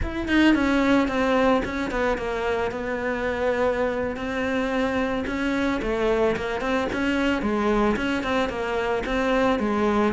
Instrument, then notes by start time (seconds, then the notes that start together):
cello
0.02 E4
0.28 D#4
0.55 C#4
1.08 C4
1.64 C#4
1.90 B3
2.17 A#3
2.71 B3
4.16 C4
5.26 C#4
5.82 A3
6.36 A#3
6.60 C4
6.92 C#4
7.42 G#3
7.96 C#4
8.23 C4
8.49 A#3
9.05 C4
9.59 G#3